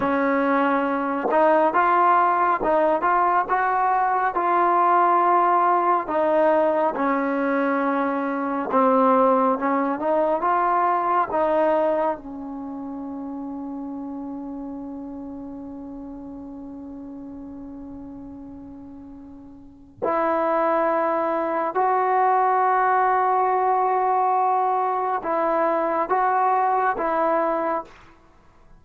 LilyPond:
\new Staff \with { instrumentName = "trombone" } { \time 4/4 \tempo 4 = 69 cis'4. dis'8 f'4 dis'8 f'8 | fis'4 f'2 dis'4 | cis'2 c'4 cis'8 dis'8 | f'4 dis'4 cis'2~ |
cis'1~ | cis'2. e'4~ | e'4 fis'2.~ | fis'4 e'4 fis'4 e'4 | }